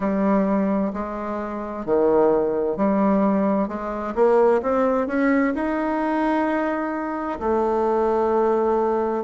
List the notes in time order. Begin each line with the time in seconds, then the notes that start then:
0.00 G3
0.93 G#3
1.85 D#3
2.77 G3
3.68 G#3
4.15 A#3
4.62 C4
5.07 C#4
5.54 D#4
7.39 A3